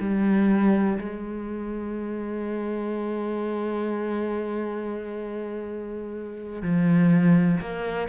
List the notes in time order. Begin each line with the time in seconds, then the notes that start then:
0.00 G3
0.99 G#3
6.63 F3
7.61 A#3